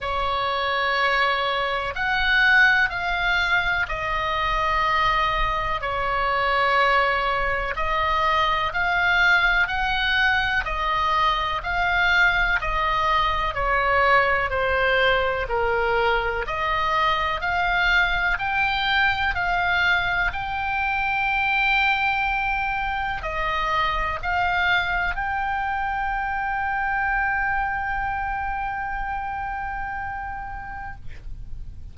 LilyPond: \new Staff \with { instrumentName = "oboe" } { \time 4/4 \tempo 4 = 62 cis''2 fis''4 f''4 | dis''2 cis''2 | dis''4 f''4 fis''4 dis''4 | f''4 dis''4 cis''4 c''4 |
ais'4 dis''4 f''4 g''4 | f''4 g''2. | dis''4 f''4 g''2~ | g''1 | }